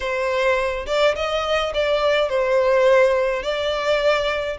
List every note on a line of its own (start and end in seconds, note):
0.00 0.86 C5
0.86 1.15 D5
1.15 1.72 D#5
1.74 2.29 D5
2.29 3.43 C5
3.43 4.57 D5